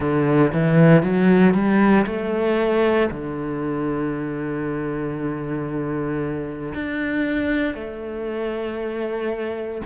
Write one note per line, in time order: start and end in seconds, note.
0.00 0.51 D3
0.52 1.03 E3
1.03 1.53 F#3
1.53 2.05 G3
2.06 3.09 A3
3.10 6.72 D3
6.74 7.74 D4
7.74 9.81 A3